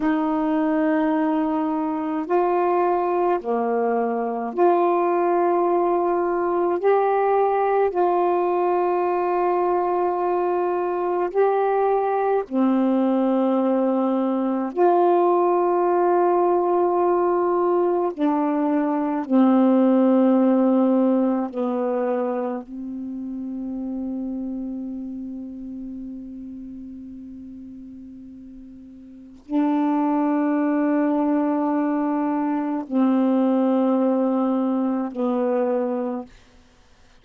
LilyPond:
\new Staff \with { instrumentName = "saxophone" } { \time 4/4 \tempo 4 = 53 dis'2 f'4 ais4 | f'2 g'4 f'4~ | f'2 g'4 c'4~ | c'4 f'2. |
d'4 c'2 b4 | c'1~ | c'2 d'2~ | d'4 c'2 b4 | }